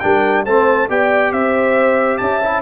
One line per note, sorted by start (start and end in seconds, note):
0.00 0.47 G3
0.00 0.47 D4
0.00 0.45 A#4
0.00 0.44 G5
0.45 0.90 A3
0.45 0.89 C4
0.45 0.89 C5
0.45 0.89 A5
0.89 1.32 B3
0.89 2.42 G4
0.89 1.33 D5
0.89 1.33 G5
1.32 2.20 C4
1.32 2.21 C5
1.32 2.18 E5
2.18 2.63 C#4
2.18 2.63 E5
2.18 2.62 A5
2.44 2.63 E4